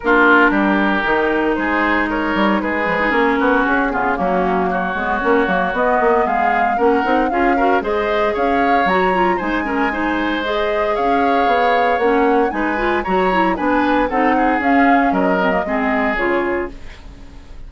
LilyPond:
<<
  \new Staff \with { instrumentName = "flute" } { \time 4/4 \tempo 4 = 115 ais'2. c''4 | cis''4 b'4 ais'4 gis'4 | fis'4 cis''2 dis''4 | f''4 fis''4 f''4 dis''4 |
f''4 ais''4 gis''2 | dis''4 f''2 fis''4 | gis''4 ais''4 gis''4 fis''4 | f''4 dis''2 cis''4 | }
  \new Staff \with { instrumentName = "oboe" } { \time 4/4 f'4 g'2 gis'4 | ais'4 gis'4. fis'4 f'8 | cis'4 fis'2. | gis'4 ais'4 gis'8 ais'8 c''4 |
cis''2 c''8 ais'8 c''4~ | c''4 cis''2. | b'4 cis''4 b'4 a'8 gis'8~ | gis'4 ais'4 gis'2 | }
  \new Staff \with { instrumentName = "clarinet" } { \time 4/4 d'2 dis'2~ | dis'4. f16 dis'16 cis'4. b8 | ais4. b8 cis'8 ais8 b4~ | b4 cis'8 dis'8 f'8 fis'8 gis'4~ |
gis'4 fis'8 f'8 dis'8 cis'8 dis'4 | gis'2. cis'4 | dis'8 f'8 fis'8 e'8 d'4 dis'4 | cis'4. c'16 ais16 c'4 f'4 | }
  \new Staff \with { instrumentName = "bassoon" } { \time 4/4 ais4 g4 dis4 gis4~ | gis8 g8 gis4 ais8 b8 cis'8 cis8 | fis4. gis8 ais8 fis8 b8 ais8 | gis4 ais8 c'8 cis'4 gis4 |
cis'4 fis4 gis2~ | gis4 cis'4 b4 ais4 | gis4 fis4 b4 c'4 | cis'4 fis4 gis4 cis4 | }
>>